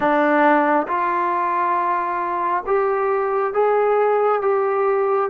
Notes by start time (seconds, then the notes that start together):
0.00 D4
0.87 F4
2.66 G4
3.53 G#4
4.41 G4